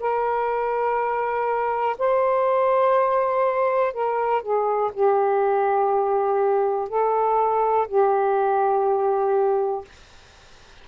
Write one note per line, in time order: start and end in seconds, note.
0.00 1.97 A#4
1.99 3.93 C5
3.93 4.42 A#4
4.42 4.91 G#4
4.94 6.89 G4
6.89 7.87 A4
7.88 9.85 G4